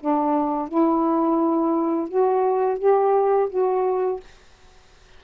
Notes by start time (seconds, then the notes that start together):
0.00 D4
0.68 E4
2.08 F#4
2.79 G4
3.49 F#4